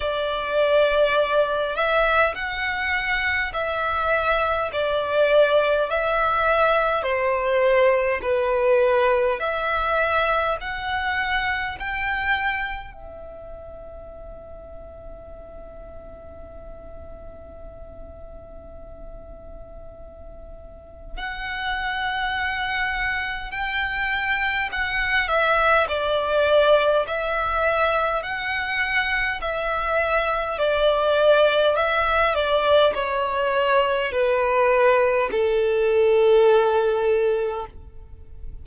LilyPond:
\new Staff \with { instrumentName = "violin" } { \time 4/4 \tempo 4 = 51 d''4. e''8 fis''4 e''4 | d''4 e''4 c''4 b'4 | e''4 fis''4 g''4 e''4~ | e''1~ |
e''2 fis''2 | g''4 fis''8 e''8 d''4 e''4 | fis''4 e''4 d''4 e''8 d''8 | cis''4 b'4 a'2 | }